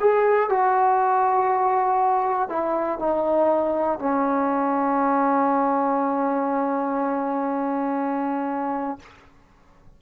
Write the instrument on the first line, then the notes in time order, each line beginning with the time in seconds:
trombone
0.00 G#4
0.50 F#4
2.49 E4
3.00 D#4
3.99 C#4